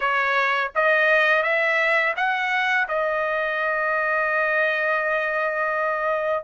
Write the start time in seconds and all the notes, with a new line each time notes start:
0.00 C#5
0.75 D#5
1.42 E5
2.16 F#5
2.88 D#5